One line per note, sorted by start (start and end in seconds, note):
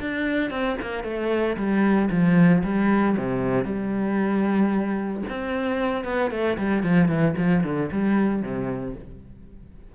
0.00 0.50 D4
0.50 0.76 C4
0.81 1.03 A#3
1.03 1.56 A3
1.56 2.09 G3
2.10 2.63 F3
2.63 3.16 G3
3.17 3.64 C3
3.64 5.22 G3
5.29 6.04 C4
6.04 6.30 B3
6.31 6.57 A3
6.57 6.82 G3
6.82 7.08 F3
7.08 7.34 E3
7.37 7.63 F3
7.63 7.90 D3
7.92 8.42 G3
8.42 8.95 C3